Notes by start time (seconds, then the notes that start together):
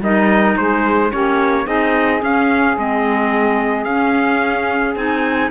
0.00 G3 D#4 A#4 D#5
0.57 G#3 G#4 C5
1.11 A#3 C#4 G4 C#5
1.65 C4 D#4 G#4 D#5
2.21 C#4 F5
2.77 G#3 C4 D#5
3.84 C#4 F5
4.96 C4 D#4 G#5